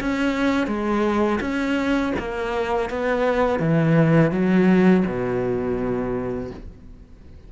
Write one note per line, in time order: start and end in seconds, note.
0.00 0.67 C#4
0.67 1.39 G#3
1.41 2.13 C#4
2.19 2.90 A#3
2.90 3.59 B3
3.59 4.31 E3
4.31 5.04 F#3
5.06 6.51 B2